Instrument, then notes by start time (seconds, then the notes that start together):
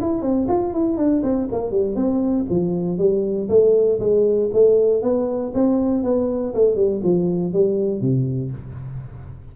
tuba
0.00 E4
0.22 C4
0.48 F4
0.73 E4
0.97 D4
1.23 C4
1.51 A#3
1.71 G3
1.95 C4
2.50 F3
2.98 G3
3.49 A3
3.99 G#3
4.53 A3
5.02 B3
5.54 C4
6.03 B3
6.54 A3
6.75 G3
7.03 F3
7.53 G3
8.01 C3